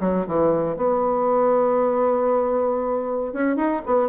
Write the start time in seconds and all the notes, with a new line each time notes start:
0.00 F#3
0.27 E3
0.76 B3
3.33 C#4
3.56 D#4
3.86 B3